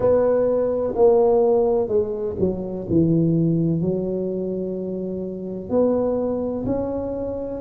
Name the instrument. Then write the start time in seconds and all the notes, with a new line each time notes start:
tuba
0.00 B3
0.95 A#3
1.87 G#3
2.39 F#3
2.89 E3
3.81 F#3
5.69 B3
6.66 C#4